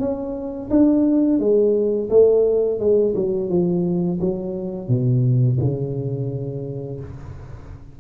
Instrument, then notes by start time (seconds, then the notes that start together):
tuba
0.00 C#4
0.70 D4
1.40 G#3
2.10 A3
2.80 G#3
3.16 F#3
3.50 F3
4.21 F#3
4.88 B2
5.61 C#3